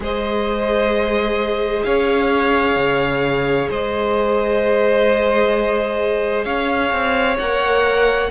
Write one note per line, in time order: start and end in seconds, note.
0.00 1.82 G#3
0.00 7.38 G#4
0.00 1.85 C5
0.00 1.84 D#5
1.84 2.76 C#4
1.84 3.70 C#5
1.84 3.68 F5
2.76 3.68 C#3
3.70 6.45 G#3
3.70 6.45 C5
3.70 6.44 D#5
6.44 6.91 C#4
6.44 8.29 C#5
6.44 7.36 F5
6.92 7.38 C4
7.38 8.30 A#3
7.38 8.30 A#4
7.38 8.30 F#5